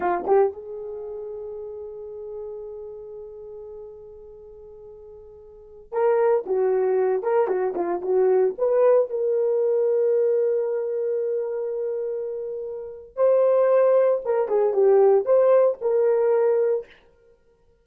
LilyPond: \new Staff \with { instrumentName = "horn" } { \time 4/4 \tempo 4 = 114 f'8 g'8 gis'2.~ | gis'1~ | gis'2.~ gis'16 ais'8.~ | ais'16 fis'4. ais'8 fis'8 f'8 fis'8.~ |
fis'16 b'4 ais'2~ ais'8.~ | ais'1~ | ais'4 c''2 ais'8 gis'8 | g'4 c''4 ais'2 | }